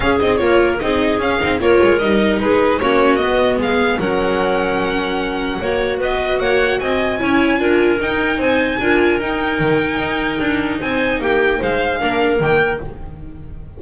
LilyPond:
<<
  \new Staff \with { instrumentName = "violin" } { \time 4/4 \tempo 4 = 150 f''8 dis''8 cis''4 dis''4 f''4 | cis''4 dis''4 b'4 cis''4 | dis''4 f''4 fis''2~ | fis''2. dis''4 |
fis''4 gis''2. | g''4 gis''2 g''4~ | g''2. gis''4 | g''4 f''2 g''4 | }
  \new Staff \with { instrumentName = "clarinet" } { \time 4/4 gis'4 ais'4 gis'2 | ais'2 gis'4 fis'4~ | fis'4 gis'4 ais'2~ | ais'2 cis''4 b'4 |
cis''4 dis''4 cis''4 ais'4~ | ais'4 c''4 ais'2~ | ais'2. c''4 | g'4 c''4 ais'2 | }
  \new Staff \with { instrumentName = "viola" } { \time 4/4 cis'8 dis'8 f'4 dis'4 cis'8 dis'8 | f'4 dis'2 cis'4 | b2 cis'2~ | cis'2 fis'2~ |
fis'2 e'4 f'4 | dis'2 f'4 dis'4~ | dis'1~ | dis'2 d'4 ais4 | }
  \new Staff \with { instrumentName = "double bass" } { \time 4/4 cis'8 c'8 ais4 c'4 cis'8 c'8 | ais8 gis8 g4 gis4 ais4 | b4 gis4 fis2~ | fis2 ais4 b4 |
ais4 c'4 cis'4 d'4 | dis'4 c'4 d'4 dis'4 | dis4 dis'4 d'4 c'4 | ais4 gis4 ais4 dis4 | }
>>